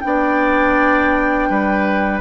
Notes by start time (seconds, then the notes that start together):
0.00 B3 D4 D5 G5
1.49 G3 B4